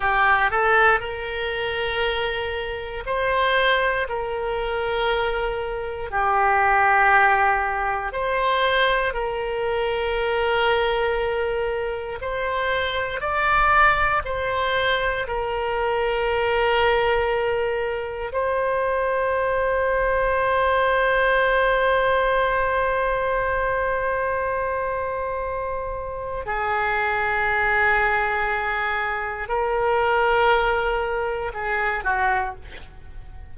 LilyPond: \new Staff \with { instrumentName = "oboe" } { \time 4/4 \tempo 4 = 59 g'8 a'8 ais'2 c''4 | ais'2 g'2 | c''4 ais'2. | c''4 d''4 c''4 ais'4~ |
ais'2 c''2~ | c''1~ | c''2 gis'2~ | gis'4 ais'2 gis'8 fis'8 | }